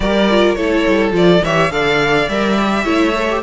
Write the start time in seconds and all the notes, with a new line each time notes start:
0.00 G3 G4 A#4 D5
0.30 F4
0.54 A3 E4 A4 C#5
0.87 G3
1.12 F3 F4 D5
1.42 E3 G4 C#5 E5
1.70 D3 A4 D5 F5
2.28 G3 A#4 E5
2.58 G4
2.83 A3 E4 C#5
3.14 A4
3.30 G4